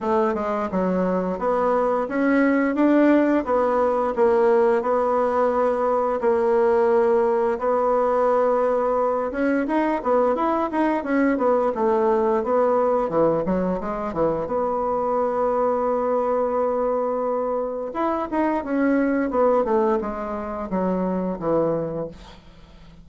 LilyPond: \new Staff \with { instrumentName = "bassoon" } { \time 4/4 \tempo 4 = 87 a8 gis8 fis4 b4 cis'4 | d'4 b4 ais4 b4~ | b4 ais2 b4~ | b4. cis'8 dis'8 b8 e'8 dis'8 |
cis'8 b8 a4 b4 e8 fis8 | gis8 e8 b2.~ | b2 e'8 dis'8 cis'4 | b8 a8 gis4 fis4 e4 | }